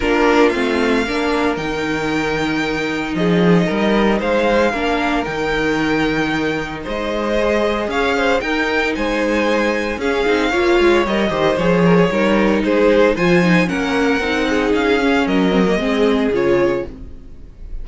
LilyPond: <<
  \new Staff \with { instrumentName = "violin" } { \time 4/4 \tempo 4 = 114 ais'4 f''2 g''4~ | g''2 dis''2 | f''2 g''2~ | g''4 dis''2 f''4 |
g''4 gis''2 f''4~ | f''4 dis''4 cis''2 | c''4 gis''4 fis''2 | f''4 dis''2 cis''4 | }
  \new Staff \with { instrumentName = "violin" } { \time 4/4 f'2 ais'2~ | ais'2 gis'4 ais'4 | c''4 ais'2.~ | ais'4 c''2 cis''8 c''8 |
ais'4 c''2 gis'4 | cis''4. c''4 ais'16 gis'16 ais'4 | gis'4 c''4 ais'4. gis'8~ | gis'4 ais'4 gis'2 | }
  \new Staff \with { instrumentName = "viola" } { \time 4/4 d'4 c'4 d'4 dis'4~ | dis'1~ | dis'4 d'4 dis'2~ | dis'2 gis'2 |
dis'2. cis'8 dis'8 | f'4 ais'8 g'8 gis'4 dis'4~ | dis'4 f'8 dis'8 cis'4 dis'4~ | dis'8 cis'4 c'16 ais16 c'4 f'4 | }
  \new Staff \with { instrumentName = "cello" } { \time 4/4 ais4 a4 ais4 dis4~ | dis2 f4 g4 | gis4 ais4 dis2~ | dis4 gis2 cis'4 |
dis'4 gis2 cis'8 c'8 | ais8 gis8 g8 dis8 f4 g4 | gis4 f4 ais4 c'4 | cis'4 fis4 gis4 cis4 | }
>>